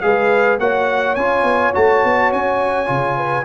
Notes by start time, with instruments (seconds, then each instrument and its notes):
0.00 tuba G#3, trombone G#4, horn B4, trumpet F5
0.59 tuba A#3, trombone F#4, horn C#5, trumpet F#5
1.15 tuba C#4, trombone F4, trumpet G#5
1.43 tuba B3
1.73 tuba A3, trombone F#4, trumpet A5
2.04 tuba B3
2.32 tuba C#4, trumpet G#5
2.85 tuba C#3, trombone F4
3.17 horn B4